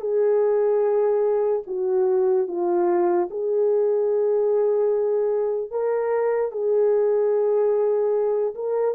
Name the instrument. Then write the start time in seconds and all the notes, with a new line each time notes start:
horn
0.00 G#4
1.67 F#4
2.47 F4
3.30 G#4
5.70 A#4
6.51 G#4
8.54 A#4